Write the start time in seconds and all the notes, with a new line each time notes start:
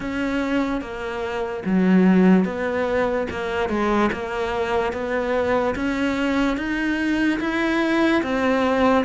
0.00 C#4
0.81 A#3
1.65 F#3
2.44 B3
3.30 A#3
3.69 G#3
4.12 A#3
4.92 B3
5.75 C#4
6.57 D#4
7.40 E4
8.22 C4